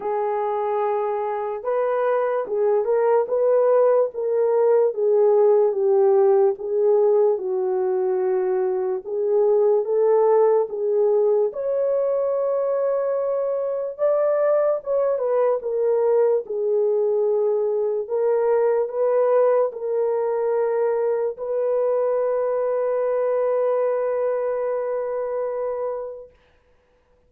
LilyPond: \new Staff \with { instrumentName = "horn" } { \time 4/4 \tempo 4 = 73 gis'2 b'4 gis'8 ais'8 | b'4 ais'4 gis'4 g'4 | gis'4 fis'2 gis'4 | a'4 gis'4 cis''2~ |
cis''4 d''4 cis''8 b'8 ais'4 | gis'2 ais'4 b'4 | ais'2 b'2~ | b'1 | }